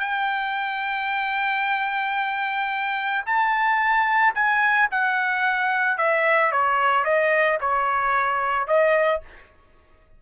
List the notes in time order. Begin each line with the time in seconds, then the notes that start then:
0.00 G5
3.26 A5
4.35 G#5
4.91 F#5
5.98 E5
6.52 C#5
7.05 D#5
7.61 C#5
8.68 D#5